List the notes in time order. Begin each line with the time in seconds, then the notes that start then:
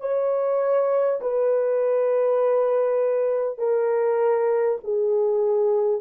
0.00 C#5
1.21 B4
3.58 A#4
4.84 G#4